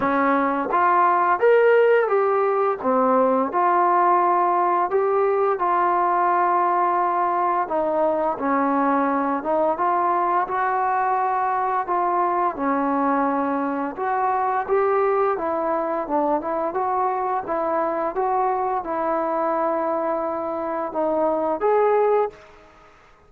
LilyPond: \new Staff \with { instrumentName = "trombone" } { \time 4/4 \tempo 4 = 86 cis'4 f'4 ais'4 g'4 | c'4 f'2 g'4 | f'2. dis'4 | cis'4. dis'8 f'4 fis'4~ |
fis'4 f'4 cis'2 | fis'4 g'4 e'4 d'8 e'8 | fis'4 e'4 fis'4 e'4~ | e'2 dis'4 gis'4 | }